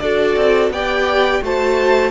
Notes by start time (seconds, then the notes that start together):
0.00 D4 F#4 A4 D5
0.37 C4
0.70 B3 G4 D5 G5
1.42 A3 F#4 C5 A5